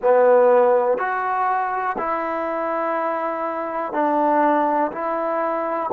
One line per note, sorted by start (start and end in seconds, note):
0.01 0.97 B3
0.97 1.96 F#4
1.98 3.93 E4
3.93 4.91 D4
4.91 5.90 E4